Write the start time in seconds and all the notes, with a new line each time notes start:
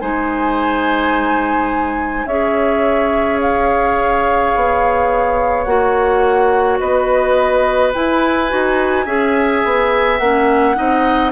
0.00 G#3 D#4 C5 G#5
2.25 C#4 G#4 C#5 E5
3.41 F5
4.55 B3
5.64 A#3 F#4 F#5
6.79 B3 B4 D#5
7.93 E4 G#5
8.49 D#4 F#4
9.05 C#4 G#4 E5
9.65 B3
10.18 A#3 C#4 F#5
10.75 C4 D#4 D#5